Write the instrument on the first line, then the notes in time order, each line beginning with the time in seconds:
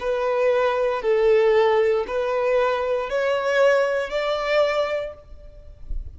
violin
0.00 B4
1.02 A4
2.07 B4
3.09 C#5
4.10 D5